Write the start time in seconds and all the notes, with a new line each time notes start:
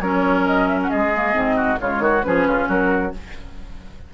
0.00 F#3 C#4 A#4 C#5
0.46 D#5
0.68 E5
0.82 F#5
0.90 G#3 G#4 D#5
1.14 A#3
1.33 G#2 C4
1.56 F#4
1.80 C#3 G#3 F4 C#5
2.00 D#3 F#4
2.23 F3 C#4 G#4 B4
2.47 C#3 F4
2.68 F#3 F#4 A#4